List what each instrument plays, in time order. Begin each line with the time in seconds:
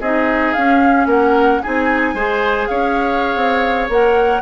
0.00 bassoon C4, clarinet D#4, oboe G#4, flute D#5
0.53 clarinet C#4, bassoon C#4, flute F5
1.06 bassoon A#3, oboe A#4, flute F#5
1.63 bassoon C4, clarinet D#4, oboe G#4, flute G#5
2.14 bassoon G#3, clarinet G#4, oboe C5
2.68 bassoon C#4, oboe C#5, flute F5
3.35 bassoon C4
3.88 bassoon A#3, clarinet A#4, flute F#5